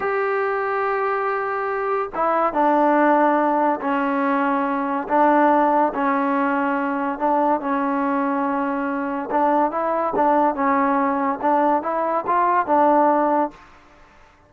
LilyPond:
\new Staff \with { instrumentName = "trombone" } { \time 4/4 \tempo 4 = 142 g'1~ | g'4 e'4 d'2~ | d'4 cis'2. | d'2 cis'2~ |
cis'4 d'4 cis'2~ | cis'2 d'4 e'4 | d'4 cis'2 d'4 | e'4 f'4 d'2 | }